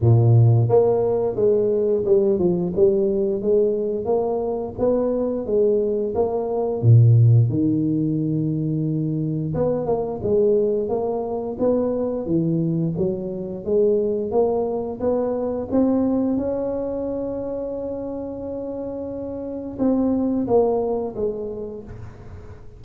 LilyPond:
\new Staff \with { instrumentName = "tuba" } { \time 4/4 \tempo 4 = 88 ais,4 ais4 gis4 g8 f8 | g4 gis4 ais4 b4 | gis4 ais4 ais,4 dis4~ | dis2 b8 ais8 gis4 |
ais4 b4 e4 fis4 | gis4 ais4 b4 c'4 | cis'1~ | cis'4 c'4 ais4 gis4 | }